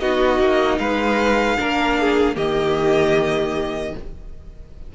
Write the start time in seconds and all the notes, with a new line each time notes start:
0.00 B3 D#4 F#4 D#5
0.39 A#3
0.79 G#3 B4 F5
1.58 A#3 D4 A#4
2.00 G#4
2.35 D#3 A#3 G4 D#5